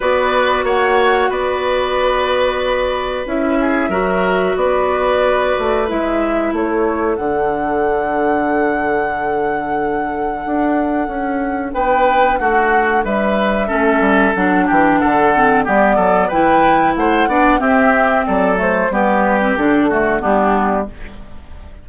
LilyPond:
<<
  \new Staff \with { instrumentName = "flute" } { \time 4/4 \tempo 4 = 92 d''4 fis''4 d''2~ | d''4 e''2 d''4~ | d''4 e''4 cis''4 fis''4~ | fis''1~ |
fis''2 g''4 fis''4 | e''2 fis''8 g''8 fis''4 | d''4 g''4 fis''4 e''4 | d''8 c''8 b'4 a'4 g'4 | }
  \new Staff \with { instrumentName = "oboe" } { \time 4/4 b'4 cis''4 b'2~ | b'4. gis'8 ais'4 b'4~ | b'2 a'2~ | a'1~ |
a'2 b'4 fis'4 | b'4 a'4. g'8 a'4 | g'8 a'8 b'4 c''8 d''8 g'4 | a'4 g'4. fis'8 d'4 | }
  \new Staff \with { instrumentName = "clarinet" } { \time 4/4 fis'1~ | fis'4 e'4 fis'2~ | fis'4 e'2 d'4~ | d'1~ |
d'1~ | d'4 cis'4 d'4. c'8 | b4 e'4. d'8 c'4~ | c'8 a8 b8. c'16 d'8 a8 b4 | }
  \new Staff \with { instrumentName = "bassoon" } { \time 4/4 b4 ais4 b2~ | b4 cis'4 fis4 b4~ | b8 a8 gis4 a4 d4~ | d1 |
d'4 cis'4 b4 a4 | g4 a8 g8 fis8 e8 d4 | g8 fis8 e4 a8 b8 c'4 | fis4 g4 d4 g4 | }
>>